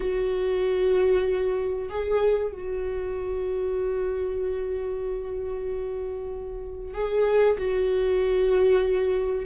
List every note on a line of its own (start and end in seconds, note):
0.00 1.88 F#4
1.89 2.51 G#4
2.51 6.94 F#4
6.94 7.57 G#4
7.58 9.45 F#4